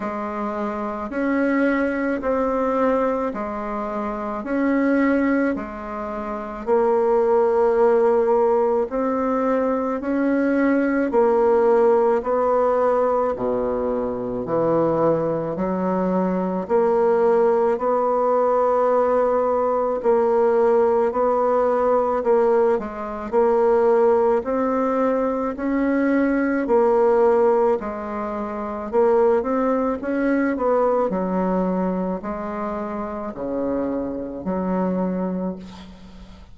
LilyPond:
\new Staff \with { instrumentName = "bassoon" } { \time 4/4 \tempo 4 = 54 gis4 cis'4 c'4 gis4 | cis'4 gis4 ais2 | c'4 cis'4 ais4 b4 | b,4 e4 fis4 ais4 |
b2 ais4 b4 | ais8 gis8 ais4 c'4 cis'4 | ais4 gis4 ais8 c'8 cis'8 b8 | fis4 gis4 cis4 fis4 | }